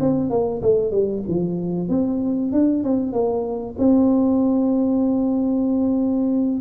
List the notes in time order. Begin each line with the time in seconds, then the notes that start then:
0.00 C4
0.30 A#3
0.62 A3
0.91 G3
1.28 F3
1.89 C4
2.52 D4
2.84 C4
3.12 A#3
3.78 C4